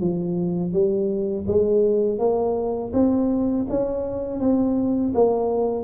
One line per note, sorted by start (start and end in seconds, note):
0.00 0.73 F3
0.73 1.46 G3
1.47 2.19 G#3
2.19 2.92 A#3
2.93 3.66 C4
3.70 4.40 C#4
4.40 5.13 C4
5.14 5.84 A#3